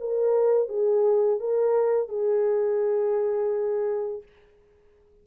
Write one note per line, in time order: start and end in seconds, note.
0.00 0.69 A#4
0.69 1.40 G#4
1.40 2.08 A#4
2.08 4.23 G#4